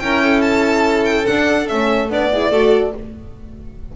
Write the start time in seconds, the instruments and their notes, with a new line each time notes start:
0.00 double bass C#4, horn E4, violin A#4 G5
0.24 violin A4
0.42 violin A5
1.06 violin G5
1.27 horn D4, double bass D4, violin F#5
1.68 double bass A3, horn C#4, violin E5
2.10 double bass B3, horn D4, violin D5
2.32 horn E4, violin G#4
2.51 double bass A3, horn F#4, violin A4